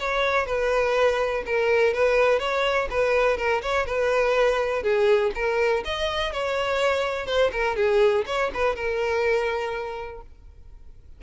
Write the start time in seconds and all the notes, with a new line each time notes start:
0.00 C#5
0.46 B4
1.46 A#4
1.94 B4
2.39 C#5
2.91 B4
3.38 A#4
3.63 C#5
3.86 B4
4.83 G#4
5.35 A#4
5.85 D#5
6.33 C#5
7.27 C5
7.52 A#4
7.76 G#4
8.27 C#5
8.54 B4
8.76 A#4